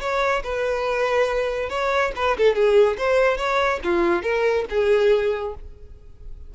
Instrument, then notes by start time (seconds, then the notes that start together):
violin
0.00 C#5
0.43 B4
1.69 C#5
2.15 B4
2.37 A4
2.54 G#4
2.98 C5
3.37 C#5
3.83 F4
4.22 A#4
4.70 G#4